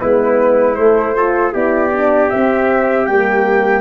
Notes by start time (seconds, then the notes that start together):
0.00 G#3 B3 E4 B4
0.75 A3 C5
1.16 F4 A4
1.53 B3 E4 G4 D5
1.93 D4
2.30 C4 E5
3.06 G3 A#3 G5